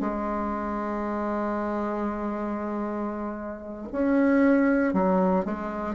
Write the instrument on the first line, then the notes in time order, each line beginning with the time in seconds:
bassoon
0.00 G#3
3.92 C#4
4.93 F#3
5.45 G#3